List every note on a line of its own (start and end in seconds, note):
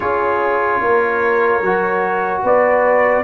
0.00 0.80 C#4
0.00 1.62 F4
0.00 0.81 G#4
0.00 2.41 C#5
0.80 1.61 A#3
0.80 2.43 A#4
1.61 2.42 F#3
1.61 3.23 F#4
2.43 3.23 B3
2.43 3.23 B4
2.43 3.23 D5